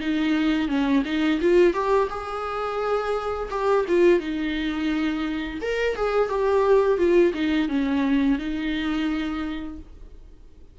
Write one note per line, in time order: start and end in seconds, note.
0.00 0.68 D#4
0.68 1.03 C#4
1.05 1.40 D#4
1.41 1.73 F4
1.73 2.08 G4
2.09 3.49 G#4
3.50 3.85 G4
3.88 4.20 F4
4.20 5.59 D#4
5.61 5.96 A#4
5.96 6.29 G#4
6.29 6.98 G4
6.98 7.33 F4
7.34 7.68 D#4
7.68 8.38 C#4
8.38 9.78 D#4